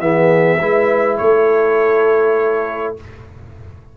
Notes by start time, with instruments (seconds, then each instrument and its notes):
0.00 tuba E3, trombone B3, horn G#4, trumpet E5
0.61 tuba G#3, trombone E4, horn B4
1.18 tuba A3, horn A4, trumpet C#5